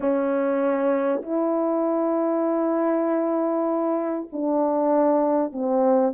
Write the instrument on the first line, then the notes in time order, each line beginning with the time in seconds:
horn
0.00 C#4
1.22 E4
4.32 D4
5.52 C4